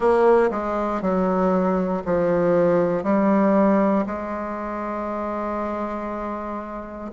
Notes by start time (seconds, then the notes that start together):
0.00 A#3
0.50 G#3
1.01 F#3
2.05 F3
3.03 G3
4.06 G#3